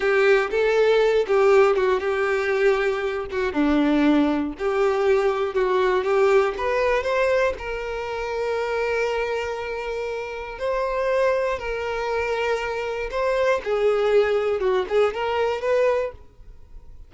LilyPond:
\new Staff \with { instrumentName = "violin" } { \time 4/4 \tempo 4 = 119 g'4 a'4. g'4 fis'8 | g'2~ g'8 fis'8 d'4~ | d'4 g'2 fis'4 | g'4 b'4 c''4 ais'4~ |
ais'1~ | ais'4 c''2 ais'4~ | ais'2 c''4 gis'4~ | gis'4 fis'8 gis'8 ais'4 b'4 | }